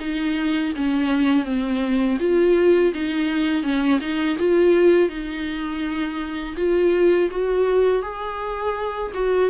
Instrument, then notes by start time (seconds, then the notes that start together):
viola
0.00 D#4
0.76 C#4
1.45 C4
2.20 F4
2.94 D#4
3.63 C#4
4.01 D#4
4.39 F4
5.09 D#4
6.57 F4
7.31 F#4
8.03 G#4
9.15 F#4